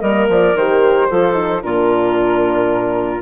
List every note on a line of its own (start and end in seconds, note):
0.00 0.28 G3
0.00 0.56 A#3
0.00 1.08 A#4
0.00 0.27 D#5
0.29 0.55 F3
0.29 0.56 D5
0.55 1.08 D#3
0.55 1.11 G4
0.55 1.62 C5
1.09 1.63 F3
1.09 1.33 F4
1.09 1.63 A4
1.33 1.59 D#4
1.62 3.21 A#2
1.62 3.21 D4
1.62 3.21 F4
1.62 3.21 A#4